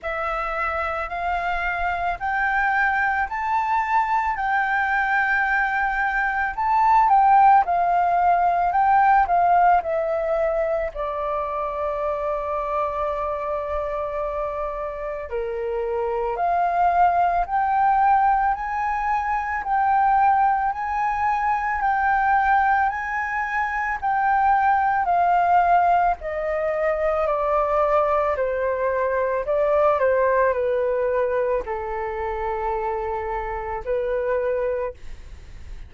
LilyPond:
\new Staff \with { instrumentName = "flute" } { \time 4/4 \tempo 4 = 55 e''4 f''4 g''4 a''4 | g''2 a''8 g''8 f''4 | g''8 f''8 e''4 d''2~ | d''2 ais'4 f''4 |
g''4 gis''4 g''4 gis''4 | g''4 gis''4 g''4 f''4 | dis''4 d''4 c''4 d''8 c''8 | b'4 a'2 b'4 | }